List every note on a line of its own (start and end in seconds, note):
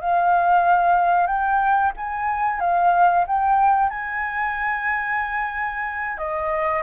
0.00 1.27 F5
1.27 1.92 G5
1.97 2.60 G#5
2.60 3.25 F5
3.26 3.90 G5
3.90 6.17 G#5
6.17 6.83 D#5